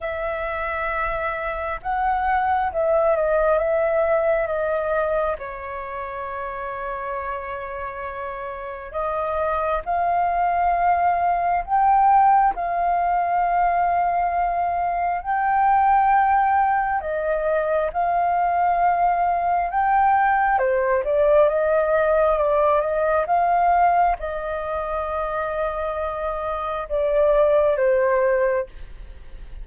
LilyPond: \new Staff \with { instrumentName = "flute" } { \time 4/4 \tempo 4 = 67 e''2 fis''4 e''8 dis''8 | e''4 dis''4 cis''2~ | cis''2 dis''4 f''4~ | f''4 g''4 f''2~ |
f''4 g''2 dis''4 | f''2 g''4 c''8 d''8 | dis''4 d''8 dis''8 f''4 dis''4~ | dis''2 d''4 c''4 | }